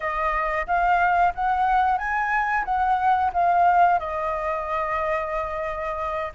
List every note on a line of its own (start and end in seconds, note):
0.00 0.66 D#5
0.66 1.33 F5
1.34 1.98 F#5
1.98 2.64 G#5
2.65 3.31 F#5
3.33 3.99 F5
3.99 6.32 D#5